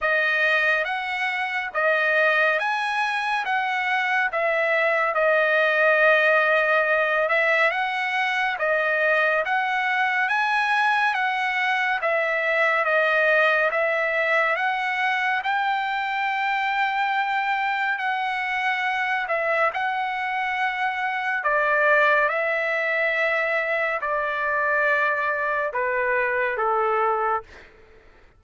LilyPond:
\new Staff \with { instrumentName = "trumpet" } { \time 4/4 \tempo 4 = 70 dis''4 fis''4 dis''4 gis''4 | fis''4 e''4 dis''2~ | dis''8 e''8 fis''4 dis''4 fis''4 | gis''4 fis''4 e''4 dis''4 |
e''4 fis''4 g''2~ | g''4 fis''4. e''8 fis''4~ | fis''4 d''4 e''2 | d''2 b'4 a'4 | }